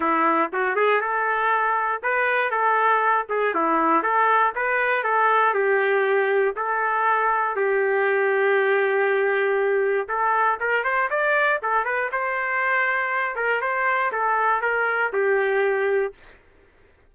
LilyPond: \new Staff \with { instrumentName = "trumpet" } { \time 4/4 \tempo 4 = 119 e'4 fis'8 gis'8 a'2 | b'4 a'4. gis'8 e'4 | a'4 b'4 a'4 g'4~ | g'4 a'2 g'4~ |
g'1 | a'4 ais'8 c''8 d''4 a'8 b'8 | c''2~ c''8 ais'8 c''4 | a'4 ais'4 g'2 | }